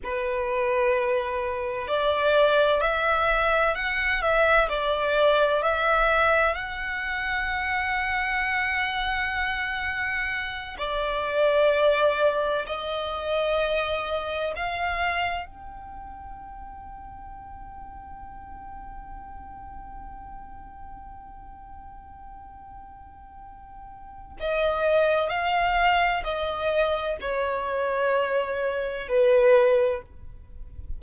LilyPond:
\new Staff \with { instrumentName = "violin" } { \time 4/4 \tempo 4 = 64 b'2 d''4 e''4 | fis''8 e''8 d''4 e''4 fis''4~ | fis''2.~ fis''8 d''8~ | d''4. dis''2 f''8~ |
f''8 g''2.~ g''8~ | g''1~ | g''2 dis''4 f''4 | dis''4 cis''2 b'4 | }